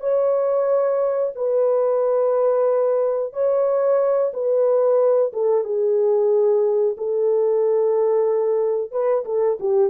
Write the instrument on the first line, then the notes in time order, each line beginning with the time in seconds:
horn
0.00 C#5
1.35 B4
3.32 C#5
4.33 B4
5.33 A4
5.64 G#4
6.97 A4
8.91 B4
9.25 A4
9.59 G4